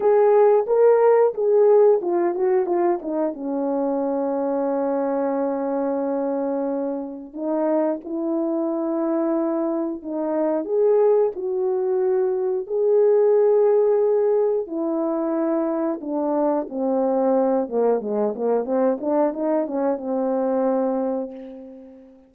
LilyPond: \new Staff \with { instrumentName = "horn" } { \time 4/4 \tempo 4 = 90 gis'4 ais'4 gis'4 f'8 fis'8 | f'8 dis'8 cis'2.~ | cis'2. dis'4 | e'2. dis'4 |
gis'4 fis'2 gis'4~ | gis'2 e'2 | d'4 c'4. ais8 gis8 ais8 | c'8 d'8 dis'8 cis'8 c'2 | }